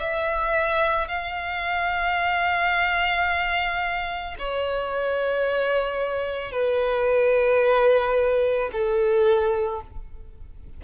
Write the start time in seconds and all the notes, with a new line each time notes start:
0.00 E5
1.09 F5
4.39 C#5
6.52 B4
8.73 A4